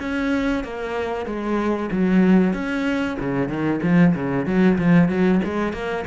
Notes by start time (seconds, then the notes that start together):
0.00 C#4
0.64 A#3
1.26 G#3
1.91 F#3
2.54 C#4
3.20 C#3
3.49 D#3
3.83 F3
4.15 C#3
4.46 F#3
4.78 F3
5.09 F#3
5.44 G#3
5.73 A#3